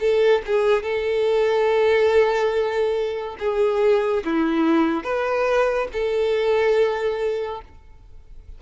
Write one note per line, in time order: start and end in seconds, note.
0.00 0.42 A4
0.46 0.83 G#4
0.83 3.36 A4
3.39 4.24 G#4
4.25 5.03 E4
5.03 5.88 B4
5.93 7.62 A4